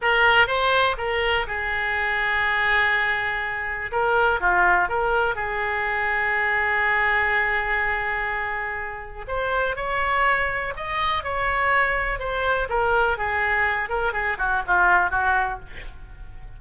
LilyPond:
\new Staff \with { instrumentName = "oboe" } { \time 4/4 \tempo 4 = 123 ais'4 c''4 ais'4 gis'4~ | gis'1 | ais'4 f'4 ais'4 gis'4~ | gis'1~ |
gis'2. c''4 | cis''2 dis''4 cis''4~ | cis''4 c''4 ais'4 gis'4~ | gis'8 ais'8 gis'8 fis'8 f'4 fis'4 | }